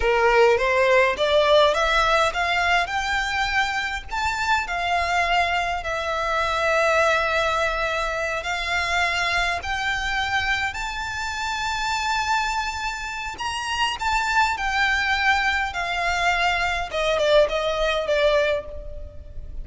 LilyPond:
\new Staff \with { instrumentName = "violin" } { \time 4/4 \tempo 4 = 103 ais'4 c''4 d''4 e''4 | f''4 g''2 a''4 | f''2 e''2~ | e''2~ e''8 f''4.~ |
f''8 g''2 a''4.~ | a''2. ais''4 | a''4 g''2 f''4~ | f''4 dis''8 d''8 dis''4 d''4 | }